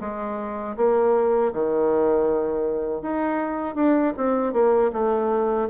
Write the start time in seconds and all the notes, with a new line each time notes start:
0.00 G#3
0.77 A#3
1.53 D#3
3.02 D#4
3.75 D4
4.17 C4
4.53 A#3
4.93 A3